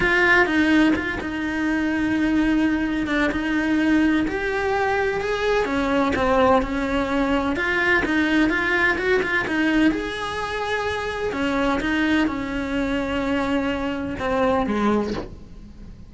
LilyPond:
\new Staff \with { instrumentName = "cello" } { \time 4/4 \tempo 4 = 127 f'4 dis'4 f'8 dis'4.~ | dis'2~ dis'8 d'8 dis'4~ | dis'4 g'2 gis'4 | cis'4 c'4 cis'2 |
f'4 dis'4 f'4 fis'8 f'8 | dis'4 gis'2. | cis'4 dis'4 cis'2~ | cis'2 c'4 gis4 | }